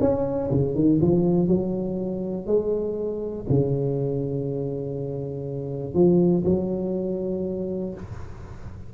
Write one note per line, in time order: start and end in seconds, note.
0.00 0.50 C#4
0.51 0.75 C#3
0.75 1.00 D#3
1.01 1.48 F3
1.48 2.47 F#3
2.47 3.46 G#3
3.49 5.94 C#3
5.94 6.44 F3
6.45 7.94 F#3